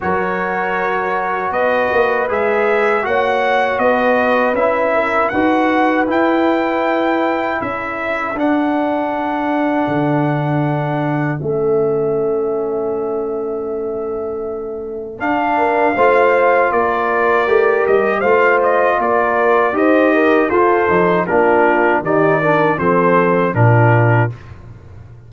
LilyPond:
<<
  \new Staff \with { instrumentName = "trumpet" } { \time 4/4 \tempo 4 = 79 cis''2 dis''4 e''4 | fis''4 dis''4 e''4 fis''4 | g''2 e''4 fis''4~ | fis''2. e''4~ |
e''1 | f''2 d''4. dis''8 | f''8 dis''8 d''4 dis''4 c''4 | ais'4 d''4 c''4 ais'4 | }
  \new Staff \with { instrumentName = "horn" } { \time 4/4 ais'2 b'2 | cis''4 b'4. ais'8 b'4~ | b'2 a'2~ | a'1~ |
a'1~ | a'8 ais'8 c''4 ais'2 | c''4 ais'4 c''8 ais'8 a'4 | f'4 g'8 ais'8 a'4 f'4 | }
  \new Staff \with { instrumentName = "trombone" } { \time 4/4 fis'2. gis'4 | fis'2 e'4 fis'4 | e'2. d'4~ | d'2. cis'4~ |
cis'1 | d'4 f'2 g'4 | f'2 g'4 f'8 dis'8 | d'4 dis'8 d'8 c'4 d'4 | }
  \new Staff \with { instrumentName = "tuba" } { \time 4/4 fis2 b8 ais8 gis4 | ais4 b4 cis'4 dis'4 | e'2 cis'4 d'4~ | d'4 d2 a4~ |
a1 | d'4 a4 ais4 a8 g8 | a4 ais4 dis'4 f'8 f8 | ais4 dis4 f4 ais,4 | }
>>